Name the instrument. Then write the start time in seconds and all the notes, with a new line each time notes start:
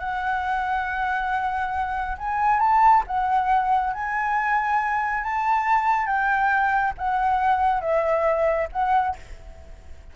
flute
0.00 F#5
2.18 G#5
2.60 A5
3.07 F#5
3.94 G#5
5.24 A5
6.07 G5
6.98 F#5
7.82 E5
8.73 F#5